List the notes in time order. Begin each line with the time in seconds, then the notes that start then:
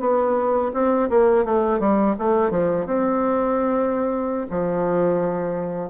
0.00 B3
0.73 C4
1.09 A#3
1.44 A3
1.79 G3
2.18 A3
2.50 F3
2.86 C4
4.50 F3